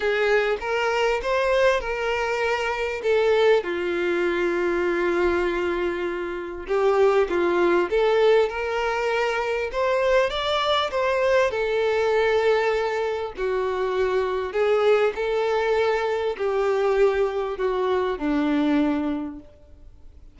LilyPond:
\new Staff \with { instrumentName = "violin" } { \time 4/4 \tempo 4 = 99 gis'4 ais'4 c''4 ais'4~ | ais'4 a'4 f'2~ | f'2. g'4 | f'4 a'4 ais'2 |
c''4 d''4 c''4 a'4~ | a'2 fis'2 | gis'4 a'2 g'4~ | g'4 fis'4 d'2 | }